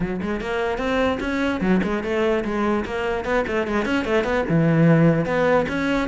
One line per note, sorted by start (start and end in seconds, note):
0.00 0.20 F#3
0.21 0.41 G#3
0.41 0.78 A#3
0.78 1.18 C4
1.20 1.60 C#4
1.60 1.81 F#3
1.83 2.03 G#3
2.03 2.44 A3
2.44 2.85 G#3
2.85 3.24 A#3
3.24 3.45 B3
3.47 3.67 A3
3.67 3.85 G#3
3.85 4.04 C#4
4.04 4.24 A3
4.24 4.44 B3
4.49 5.25 E3
5.25 5.66 B3
5.68 6.08 C#4